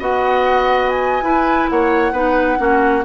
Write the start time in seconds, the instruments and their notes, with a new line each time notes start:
0.00 bassoon B3, clarinet F#4, oboe D#5, flute F#5
0.90 flute G#5
1.22 bassoon E4, clarinet E4, oboe B4
1.70 bassoon A#3, oboe C#5, flute F#5
2.12 bassoon B3, clarinet D#4, oboe B4
2.58 bassoon A#3, clarinet C#4, oboe F#4